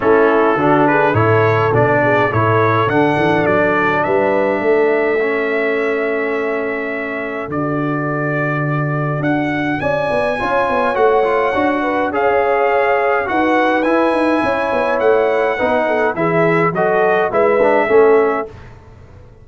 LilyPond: <<
  \new Staff \with { instrumentName = "trumpet" } { \time 4/4 \tempo 4 = 104 a'4. b'8 cis''4 d''4 | cis''4 fis''4 d''4 e''4~ | e''1~ | e''4 d''2. |
fis''4 gis''2 fis''4~ | fis''4 f''2 fis''4 | gis''2 fis''2 | e''4 dis''4 e''2 | }
  \new Staff \with { instrumentName = "horn" } { \time 4/4 e'4 fis'8 gis'8 a'4. gis'8 | a'2. b'4 | a'1~ | a'1~ |
a'4 d''4 cis''2~ | cis''8 b'8 cis''2 b'4~ | b'4 cis''2 b'8 a'8 | gis'4 a'4 b'4 a'4 | }
  \new Staff \with { instrumentName = "trombone" } { \time 4/4 cis'4 d'4 e'4 d'4 | e'4 d'2.~ | d'4 cis'2.~ | cis'4 fis'2.~ |
fis'2 f'4 fis'8 f'8 | fis'4 gis'2 fis'4 | e'2. dis'4 | e'4 fis'4 e'8 d'8 cis'4 | }
  \new Staff \with { instrumentName = "tuba" } { \time 4/4 a4 d4 a,4 b,4 | a,4 d8 e8 fis4 g4 | a1~ | a4 d2. |
d'4 cis'8 b8 cis'8 b8 a4 | d'4 cis'2 dis'4 | e'8 dis'8 cis'8 b8 a4 b4 | e4 fis4 gis4 a4 | }
>>